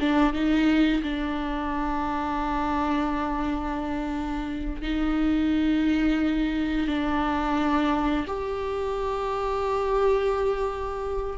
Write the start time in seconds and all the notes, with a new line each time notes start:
0.00 D4
0.34 D#4
1.03 D4
4.82 D#4
6.88 D4
8.28 G4